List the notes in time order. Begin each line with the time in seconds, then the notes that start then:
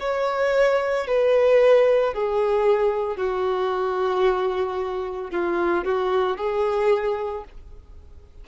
0.00 C#5
1.07 B4
2.14 G#4
3.17 F#4
5.31 F4
5.85 F#4
6.37 G#4